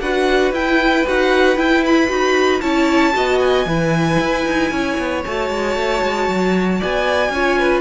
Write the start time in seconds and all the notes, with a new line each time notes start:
0.00 D4 F#4 B4 F#5
0.52 E4 G5
1.07 D#4 F#4 F#5
1.57 E4 G5
1.87 B5
2.08 D#4 F#4
2.61 C#4 E4 C#5 A5
3.13 B3 F#4 D#5
3.40 G#5
3.66 E3 E4 B4
4.21 E4
4.46 D#4
4.72 C#4 C#5
4.99 B3
5.25 A3 F#4 A5
5.51 G#3
5.76 A3
6.03 G#3
6.29 F#3
6.80 B3 D5 G#5
7.30 C#4 F4 C#5
7.59 B4